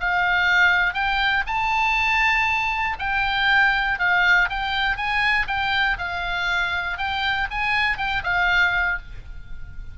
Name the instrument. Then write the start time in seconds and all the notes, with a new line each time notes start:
oboe
0.00 F5
0.94 G5
1.47 A5
2.99 G5
3.99 F5
4.50 G5
4.97 G#5
5.47 G5
5.98 F5
6.98 G5
7.51 G#5
7.97 G5
8.23 F5